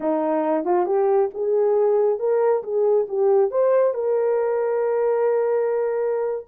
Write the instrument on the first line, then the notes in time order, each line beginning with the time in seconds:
horn
0.00 D#4
0.65 F4
0.86 G4
1.34 G#4
2.19 A#4
2.63 G#4
3.08 G4
3.50 C5
3.94 A#4